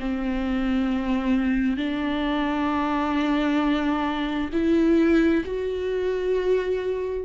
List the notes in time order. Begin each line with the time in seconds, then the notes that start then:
0.00 C4
1.77 D4
4.53 E4
5.45 F#4